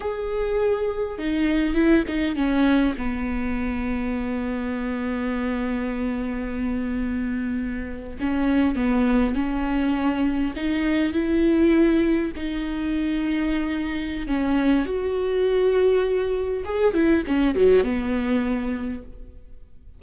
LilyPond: \new Staff \with { instrumentName = "viola" } { \time 4/4 \tempo 4 = 101 gis'2 dis'4 e'8 dis'8 | cis'4 b2.~ | b1~ | b4.~ b16 cis'4 b4 cis'16~ |
cis'4.~ cis'16 dis'4 e'4~ e'16~ | e'8. dis'2.~ dis'16 | cis'4 fis'2. | gis'8 e'8 cis'8 fis8 b2 | }